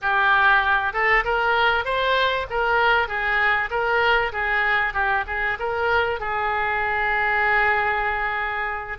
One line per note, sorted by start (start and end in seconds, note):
0.01 0.93 G4
0.93 1.24 A4
1.24 1.84 A#4
1.84 2.46 C5
2.50 3.08 A#4
3.08 3.69 G#4
3.70 4.32 A#4
4.32 4.93 G#4
4.93 5.24 G4
5.27 5.58 G#4
5.59 6.19 A#4
6.19 8.98 G#4